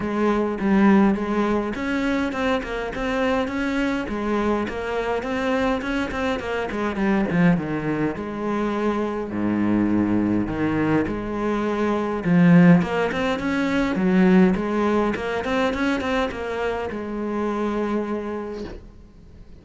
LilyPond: \new Staff \with { instrumentName = "cello" } { \time 4/4 \tempo 4 = 103 gis4 g4 gis4 cis'4 | c'8 ais8 c'4 cis'4 gis4 | ais4 c'4 cis'8 c'8 ais8 gis8 | g8 f8 dis4 gis2 |
gis,2 dis4 gis4~ | gis4 f4 ais8 c'8 cis'4 | fis4 gis4 ais8 c'8 cis'8 c'8 | ais4 gis2. | }